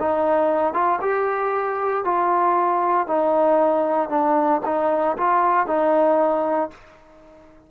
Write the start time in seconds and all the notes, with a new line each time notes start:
0.00 D#4
0.74 F4
1.02 G4
2.05 F4
3.08 D#4
4.10 D4
4.65 D#4
5.17 F4
5.67 D#4